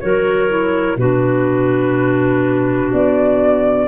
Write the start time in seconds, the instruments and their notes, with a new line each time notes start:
0.00 tuba F#3, clarinet F#4 A#4, flute C#5
0.48 clarinet E4
0.97 tuba B2, clarinet D4 F#4, flute B4
2.92 tuba B3, flute D5